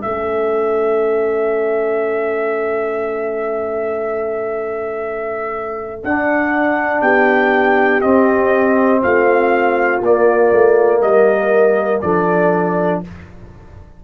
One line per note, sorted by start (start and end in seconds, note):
0.00 6.04 A3
0.00 6.04 C#4
0.00 7.00 A4
0.00 6.01 E5
6.04 7.01 D4
6.04 8.02 D4
6.04 7.01 F#5
7.01 8.01 B3
7.01 9.02 G4
7.01 8.01 G5
8.01 10.02 C4
8.01 9.03 C4
8.01 9.01 D#5
9.03 10.00 A3
9.03 11.03 F4
9.03 10.03 F5
10.00 10.50 A#3
10.00 12.04 A#3
10.00 11.02 D5
10.52 11.01 A3
11.01 12.01 G3
11.01 12.03 A#4
11.01 12.01 D#5
12.01 13.03 F3
12.01 13.04 D4
12.01 13.03 A4
12.01 13.01 D5